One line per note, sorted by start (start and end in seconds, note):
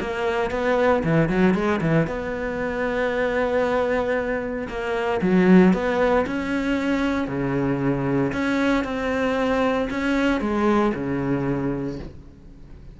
0.00 0.51 A#3
0.51 1.03 B3
1.03 1.29 E3
1.29 1.54 F#3
1.54 1.80 G#3
1.81 2.07 E3
2.07 4.68 B3
4.68 5.21 A#3
5.21 5.73 F#3
5.73 6.25 B3
6.26 7.28 C#4
7.28 8.32 C#3
8.32 8.84 C#4
8.84 9.88 C4
9.90 10.40 C#4
10.40 10.93 G#3
10.94 11.99 C#3